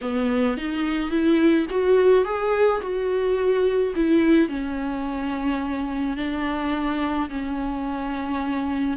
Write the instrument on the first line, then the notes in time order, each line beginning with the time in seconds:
viola
0.01 B3
0.57 D#4
1.10 E4
1.70 F#4
2.25 G#4
2.81 F#4
3.95 E4
4.49 C#4
6.17 D4
7.29 C#4